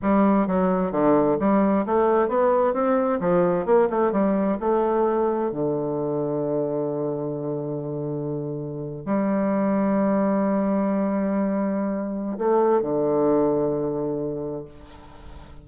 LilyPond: \new Staff \with { instrumentName = "bassoon" } { \time 4/4 \tempo 4 = 131 g4 fis4 d4 g4 | a4 b4 c'4 f4 | ais8 a8 g4 a2 | d1~ |
d2.~ d8. g16~ | g1~ | g2. a4 | d1 | }